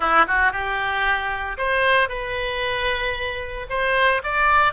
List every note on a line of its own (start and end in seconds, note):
0.00 0.25 E4
0.27 0.51 F#4
0.51 1.57 G4
1.57 2.08 C5
2.08 3.66 B4
3.69 4.22 C5
4.23 4.73 D5